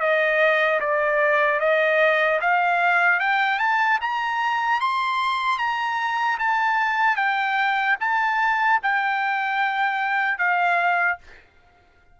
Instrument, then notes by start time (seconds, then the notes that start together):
trumpet
0.00 D#5
0.80 D5
1.60 D#5
2.41 F5
3.20 G5
3.59 A5
4.01 A#5
4.81 C6
5.59 A#5
6.39 A5
7.16 G5
8.00 A5
8.83 G5
10.39 F5